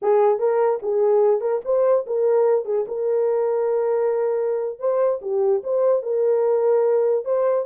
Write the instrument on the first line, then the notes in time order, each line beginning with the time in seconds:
horn
0.01 G#4
0.38 A#4
0.82 G#4
1.40 A#4
1.64 C5
2.06 A#4
2.65 G#4
2.87 A#4
4.79 C5
5.21 G4
5.63 C5
6.02 A#4
7.24 C5